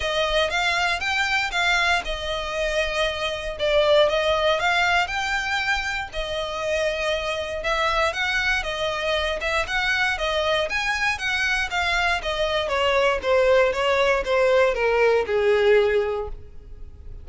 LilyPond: \new Staff \with { instrumentName = "violin" } { \time 4/4 \tempo 4 = 118 dis''4 f''4 g''4 f''4 | dis''2. d''4 | dis''4 f''4 g''2 | dis''2. e''4 |
fis''4 dis''4. e''8 fis''4 | dis''4 gis''4 fis''4 f''4 | dis''4 cis''4 c''4 cis''4 | c''4 ais'4 gis'2 | }